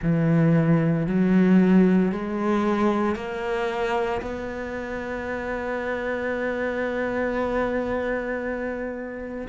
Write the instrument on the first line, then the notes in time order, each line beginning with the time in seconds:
cello
0.02 E3
1.07 F#3
2.11 G#3
3.15 A#3
4.21 B3